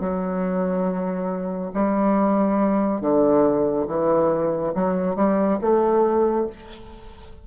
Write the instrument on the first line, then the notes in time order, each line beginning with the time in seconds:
bassoon
0.00 F#3
1.74 G3
3.01 D3
3.87 E3
4.75 F#3
5.15 G3
5.61 A3